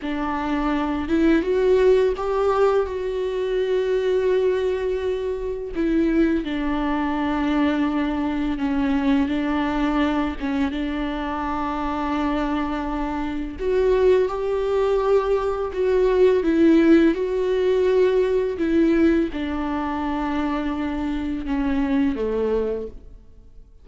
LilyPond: \new Staff \with { instrumentName = "viola" } { \time 4/4 \tempo 4 = 84 d'4. e'8 fis'4 g'4 | fis'1 | e'4 d'2. | cis'4 d'4. cis'8 d'4~ |
d'2. fis'4 | g'2 fis'4 e'4 | fis'2 e'4 d'4~ | d'2 cis'4 a4 | }